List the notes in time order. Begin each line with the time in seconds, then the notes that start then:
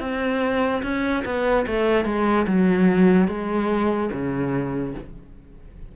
0.00 C4
0.83 C#4
1.25 B3
1.67 A3
2.05 G#3
2.47 F#3
3.28 G#3
4.12 C#3